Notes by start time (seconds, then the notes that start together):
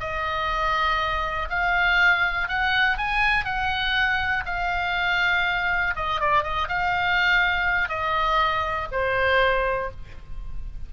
0.00 D#5
1.50 F5
2.49 F#5
2.98 G#5
3.45 F#5
4.46 F5
5.96 D#5
6.21 D5
6.43 D#5
6.69 F5
7.89 D#5
8.92 C5